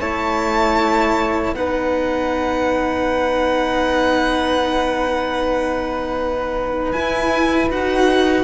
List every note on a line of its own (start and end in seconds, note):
0.00 1.54 A3
0.00 1.55 E4
0.00 1.55 C#5
0.00 1.55 A5
1.54 6.92 B3
1.54 6.95 D#4
1.54 8.44 B4
1.54 6.92 F#5
6.92 7.70 E4
6.92 7.71 E4
6.92 7.69 G#5
7.70 8.44 D#4
7.70 8.44 F#4
7.70 8.44 F#5